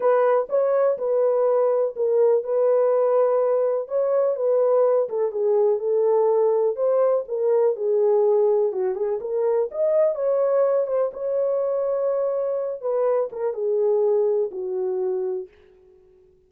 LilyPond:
\new Staff \with { instrumentName = "horn" } { \time 4/4 \tempo 4 = 124 b'4 cis''4 b'2 | ais'4 b'2. | cis''4 b'4. a'8 gis'4 | a'2 c''4 ais'4 |
gis'2 fis'8 gis'8 ais'4 | dis''4 cis''4. c''8 cis''4~ | cis''2~ cis''8 b'4 ais'8 | gis'2 fis'2 | }